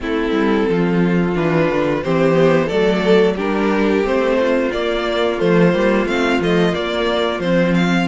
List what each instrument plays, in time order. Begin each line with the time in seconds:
0.00 cello A3, viola C4, violin E4 A4
0.31 cello G3
0.69 cello F3, violin F4
1.35 cello E3, viola D4, violin B4
1.69 cello D3
2.03 cello E3, viola C4, violin G4 C5
2.33 viola B3
2.66 cello F#3, viola A3, violin A4 D5
3.35 cello G3, viola D4, violin G4 A#4
4.03 cello A3, viola C4, violin C5
4.39 violin F4
4.72 viola A#3, cello A#3, violin D5
5.38 cello F3, viola A3, violin C5
5.73 cello G3, viola A#3
6.05 cello A3, viola C4, violin F5
6.40 cello F3, viola A3, violin D#5
6.72 viola A#3, cello A#3, violin D5
7.39 cello F3, viola C4, violin C5
7.74 violin F5